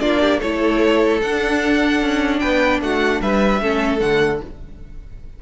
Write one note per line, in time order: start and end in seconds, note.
0.00 0.41 A#3
0.00 0.41 D4
0.00 0.21 F4
0.00 0.40 D5
0.21 0.38 G4
0.38 1.21 A3
0.38 1.22 E4
0.38 2.38 A4
0.38 1.21 C#5
1.21 2.01 D4
1.21 3.62 D4
1.21 2.39 F#5
2.01 2.41 C#4
2.39 2.80 B3
2.39 2.80 B4
2.39 2.79 G5
2.80 3.20 A3
2.80 3.22 F#4
2.80 3.21 F#5
3.21 3.60 G3
3.21 3.62 B4
3.21 4.00 E5
3.60 4.00 A3
3.60 3.99 C#4
3.60 4.42 A4
3.99 4.40 D3
3.99 4.39 A3
3.99 4.40 F#5